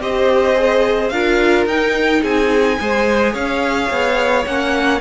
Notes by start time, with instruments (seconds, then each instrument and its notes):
0.00 cello C4, viola G4, violin C5 D#5
0.55 viola G#4
1.09 cello D4, viola F4, violin A#4 F5
1.66 cello D#4, viola D#4, violin G5
2.22 cello C4, violin G#4 G#5
2.79 cello G#3, viola G#4, violin C5
3.32 cello C#4, violin C#5 F5
3.90 cello B3
4.46 cello A#3, viola C#4, violin F#5